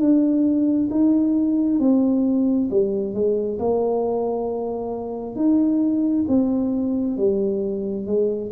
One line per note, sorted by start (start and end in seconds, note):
0.00 0.90 D4
0.91 1.80 D#4
1.80 2.69 C4
2.71 3.14 G3
3.14 3.59 G#3
3.59 5.36 A#3
5.36 6.25 D#4
6.28 7.17 C4
7.17 8.06 G3
8.06 8.51 G#3